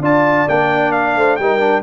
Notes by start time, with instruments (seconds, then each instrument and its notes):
0.00 tuba D4, trombone F4, horn D5, trumpet A5
0.48 tuba A#3, trombone D4, trumpet G5
0.91 trumpet F5
1.16 tuba A3, horn C5
1.36 tuba G3, trombone D#4, horn A#4, trumpet G5
1.59 trombone D4